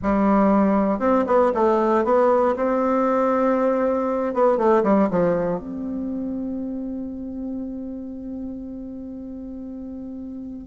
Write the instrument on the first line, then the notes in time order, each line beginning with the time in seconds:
bassoon
0.02 G3
0.99 C4
1.26 B3
1.54 A3
2.04 B3
2.55 C4
4.33 B3
4.57 A3
4.83 G3
5.10 F3
5.59 C4